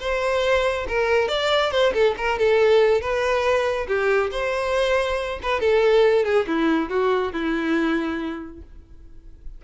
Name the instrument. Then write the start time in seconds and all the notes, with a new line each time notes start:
violin
0.00 C5
0.88 A#4
1.28 D5
1.71 C5
1.93 A4
2.17 A#4
2.38 A4
3.00 B4
3.87 G4
4.31 C5
5.42 B4
5.60 A4
6.24 G#4
6.47 E4
6.89 F#4
7.32 E4